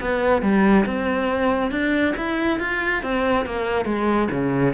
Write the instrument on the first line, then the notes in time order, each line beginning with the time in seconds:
cello
0.00 B3
0.42 G3
0.85 C4
1.71 D4
2.17 E4
2.59 F4
3.02 C4
3.45 A#3
3.85 G#3
4.30 C#3